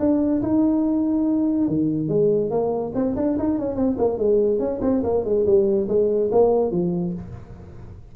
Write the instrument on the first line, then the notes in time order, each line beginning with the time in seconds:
tuba
0.00 D4
0.42 D#4
1.68 D#3
2.09 G#3
2.51 A#3
2.95 C4
3.16 D4
3.39 D#4
3.59 C#4
3.76 C4
3.98 A#3
4.18 G#3
4.59 C#4
4.82 C4
5.04 A#3
5.25 G#3
5.46 G3
5.89 G#3
6.32 A#3
6.71 F3